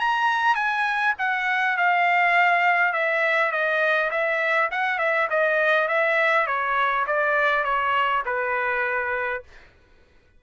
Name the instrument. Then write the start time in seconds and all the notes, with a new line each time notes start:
trumpet
0.00 A#5
0.55 G#5
1.18 F#5
1.77 F5
2.93 E5
3.51 D#5
4.11 E5
4.71 F#5
4.98 E5
5.30 D#5
5.88 E5
6.47 C#5
7.07 D5
7.64 C#5
8.25 B4